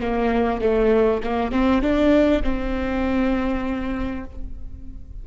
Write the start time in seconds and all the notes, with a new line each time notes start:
0.00 A#3
0.61 A3
1.23 A#3
1.51 C4
1.82 D4
2.43 C4